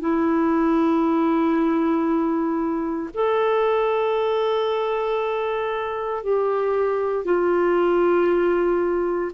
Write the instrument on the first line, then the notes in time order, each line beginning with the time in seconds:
clarinet
0.00 E4
3.15 A4
6.24 G4
7.25 F4